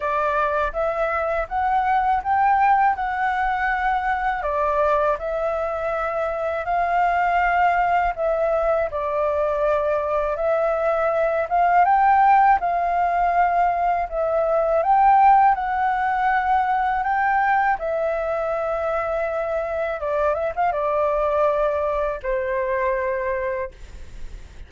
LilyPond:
\new Staff \with { instrumentName = "flute" } { \time 4/4 \tempo 4 = 81 d''4 e''4 fis''4 g''4 | fis''2 d''4 e''4~ | e''4 f''2 e''4 | d''2 e''4. f''8 |
g''4 f''2 e''4 | g''4 fis''2 g''4 | e''2. d''8 e''16 f''16 | d''2 c''2 | }